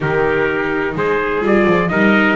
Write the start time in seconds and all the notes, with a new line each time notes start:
0.00 D#3 D#4 G4 A#4
0.95 G#3 G#4 C5
1.40 G3 F4 D5
1.67 F3
1.89 G3 D#4 A#4 D#5